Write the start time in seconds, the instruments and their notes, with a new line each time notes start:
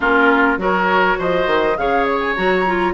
0.00 bassoon A#3, clarinet C#4, oboe F4, flute A#4
0.57 bassoon F#3, clarinet F#4, oboe A#4, flute C#5
1.18 bassoon F3, oboe C5, flute D#5
1.46 bassoon D#3
1.77 bassoon C#3, clarinet G#4, oboe C#5, flute F5
2.04 flute C#5
2.20 flute G#5
2.35 bassoon F#3, clarinet F#4, flute A#5
2.66 clarinet F4